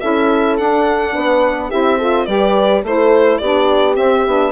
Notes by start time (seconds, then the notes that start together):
0.00 C#4 E4 A4 E5
0.58 D4 F#5
1.14 B3 B4
1.70 C4 E4 G4 E5
1.98 F4 A4
2.25 G3 G4 B4 D5
2.83 A3 E4 A4 C5
3.38 B3 D4 G4 D5
3.95 C4 E5
4.27 B3 D4